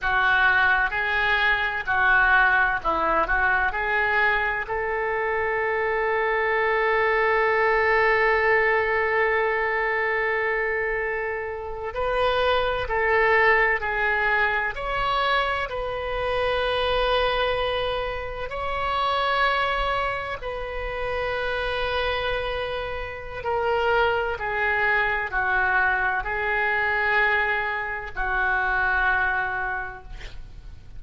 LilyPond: \new Staff \with { instrumentName = "oboe" } { \time 4/4 \tempo 4 = 64 fis'4 gis'4 fis'4 e'8 fis'8 | gis'4 a'2.~ | a'1~ | a'8. b'4 a'4 gis'4 cis''16~ |
cis''8. b'2. cis''16~ | cis''4.~ cis''16 b'2~ b'16~ | b'4 ais'4 gis'4 fis'4 | gis'2 fis'2 | }